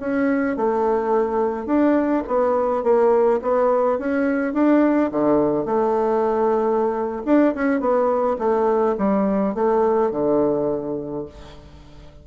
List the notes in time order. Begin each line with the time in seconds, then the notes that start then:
0.00 C#4
0.56 A3
1.66 D4
2.27 B3
2.83 A#3
3.42 B3
3.99 C#4
4.53 D4
5.12 D3
5.65 A3
7.25 D4
7.55 C#4
7.80 B3
8.39 A3
8.98 G3
9.55 A3
10.11 D3